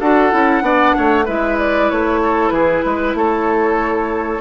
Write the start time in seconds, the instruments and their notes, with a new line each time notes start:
0.00 bassoon D4, clarinet F#4, oboe A4, flute F#5
0.32 bassoon C#4, clarinet E4
0.62 bassoon B3, clarinet D4, oboe D5
0.97 bassoon A3, oboe C#5
1.26 bassoon G#3, clarinet E4, oboe B4, flute E5
1.59 flute D5
1.90 bassoon A3, flute C#5
2.23 oboe A4
2.49 bassoon E3, oboe G#4, flute B4
2.85 bassoon G#3, oboe B4
3.14 bassoon A3, oboe A4, flute C#5